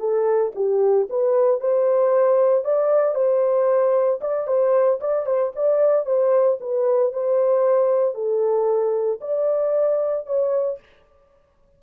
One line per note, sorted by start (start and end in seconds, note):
0.00 0.53 A4
0.56 1.08 G4
1.10 1.61 B4
1.61 2.65 C5
2.65 3.15 D5
3.15 4.21 C5
4.22 4.48 D5
4.48 5.00 C5
5.01 5.27 D5
5.27 5.53 C5
5.56 6.06 D5
6.06 6.59 C5
6.61 7.13 B4
7.13 8.15 C5
8.15 9.20 A4
9.22 10.27 D5
10.27 10.80 C#5